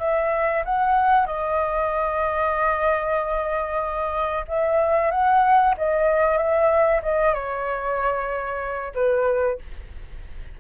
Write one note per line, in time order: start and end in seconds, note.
0.00 0.64 E5
0.65 1.26 F#5
1.26 4.46 D#5
4.48 5.11 E5
5.11 5.75 F#5
5.78 6.38 D#5
6.38 7.02 E5
7.03 7.34 D#5
7.34 8.94 C#5
8.95 9.59 B4